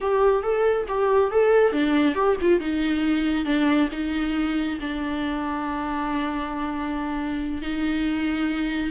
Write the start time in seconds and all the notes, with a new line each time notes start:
0.00 G4
0.42 A4
0.88 G4
1.31 A4
1.72 D4
2.14 G4
2.41 F4
2.59 D#4
3.45 D4
3.91 D#4
4.80 D4
7.62 D#4